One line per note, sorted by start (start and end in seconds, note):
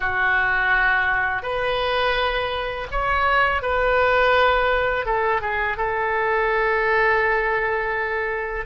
0.00 1.42 F#4
1.42 2.87 B4
2.91 3.61 C#5
3.61 5.05 B4
5.05 5.41 A4
5.41 5.77 G#4
5.77 8.65 A4